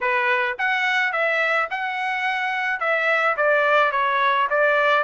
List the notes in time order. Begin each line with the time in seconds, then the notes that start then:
0.01 B4
0.58 F#5
1.12 E5
1.70 F#5
2.80 E5
3.36 D5
3.91 C#5
4.50 D5